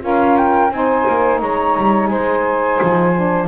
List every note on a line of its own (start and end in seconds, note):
0.00 0.71 C#4
0.00 0.69 F4
0.00 0.73 A#4
0.06 0.37 F5
0.37 0.71 G5
0.71 1.05 C4
0.71 3.12 D#4
0.71 1.40 C5
0.71 1.40 G#5
1.08 1.42 A#3
1.40 1.76 G#3
1.40 2.09 C#5
1.40 2.07 A#5
1.77 2.11 G3
2.07 2.80 G#3
2.07 3.48 C5
2.07 3.45 G#5
2.82 3.48 F3
3.16 3.48 D4